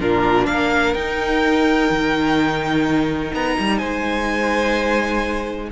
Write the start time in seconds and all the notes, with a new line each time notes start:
0.00 A#2 D4 F4 A#4
0.47 A#3 A#4 F5
0.94 D#4 G5
1.90 D#3
3.34 B3 A#5
3.59 G3
3.78 G#3 C5 G#5